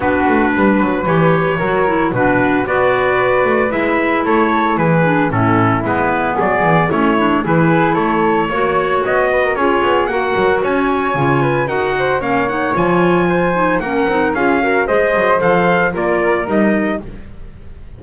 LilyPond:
<<
  \new Staff \with { instrumentName = "trumpet" } { \time 4/4 \tempo 4 = 113 b'2 cis''2 | b'4 d''2 e''4 | cis''4 b'4 a'4 b'4 | d''4 cis''4 b'4 cis''4~ |
cis''4 dis''4 cis''4 fis''4 | gis''2 fis''4 f''8 fis''8 | gis''2 fis''4 f''4 | dis''4 f''4 d''4 dis''4 | }
  \new Staff \with { instrumentName = "flute" } { \time 4/4 fis'4 b'2 ais'4 | fis'4 b'2. | a'4 gis'4 e'2 | gis'4 e'4 gis'4 a'4 |
cis''4. b'16 ais'16 gis'4 ais'4 | cis''4. b'8 ais'8 c''8 cis''4~ | cis''4 c''4 ais'4 gis'8 ais'8 | c''2 ais'2 | }
  \new Staff \with { instrumentName = "clarinet" } { \time 4/4 d'2 g'4 fis'8 e'8 | d'4 fis'2 e'4~ | e'4. d'8 cis'4 b4~ | b4 cis'8 d'8 e'2 |
fis'2 f'4 fis'4~ | fis'4 f'4 fis'4 cis'8 dis'8 | f'4. dis'8 cis'8 dis'8 f'8 fis'8 | gis'4 a'4 f'4 dis'4 | }
  \new Staff \with { instrumentName = "double bass" } { \time 4/4 b8 a8 g8 fis8 e4 fis4 | b,4 b4. a8 gis4 | a4 e4 a,4 gis4 | fis8 e8 a4 e4 a4 |
ais4 b4 cis'8 b8 ais8 fis8 | cis'4 cis4 dis'4 ais4 | f2 ais8 c'8 cis'4 | gis8 fis8 f4 ais4 g4 | }
>>